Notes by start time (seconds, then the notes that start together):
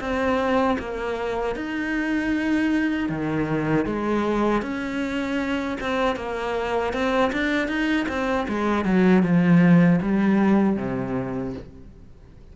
0.00 C4
0.79 A#3
1.56 D#4
3.09 D#3
3.86 G#3
4.62 C#4
5.80 C4
6.16 A#3
6.93 C4
7.33 D4
7.68 D#4
8.08 C4
8.48 G#3
8.85 F#3
9.23 F3
10.02 G3
10.77 C3